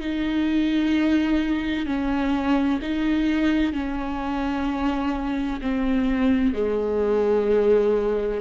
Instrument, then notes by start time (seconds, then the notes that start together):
viola
0.00 D#4
1.86 C#4
2.82 D#4
3.72 C#4
5.61 C4
6.54 G#3